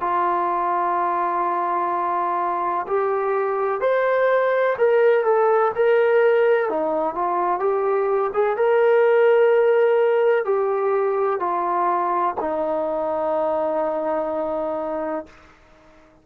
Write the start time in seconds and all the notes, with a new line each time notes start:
0.00 F4
2.87 G4
3.81 C5
4.78 A#4
5.24 A4
5.75 A#4
6.69 D#4
7.14 F4
7.59 G4
8.33 G#4
8.57 A#4
10.45 G4
11.39 F4
12.40 D#4